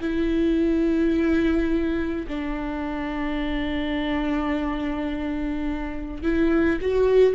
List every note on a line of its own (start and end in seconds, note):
0.00 2.26 E4
2.27 6.23 D4
6.23 6.79 E4
6.81 7.34 F#4